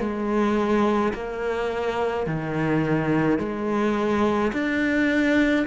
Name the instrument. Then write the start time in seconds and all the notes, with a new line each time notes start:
cello
0.00 G#3
1.14 A#3
2.27 D#3
3.39 G#3
4.53 D4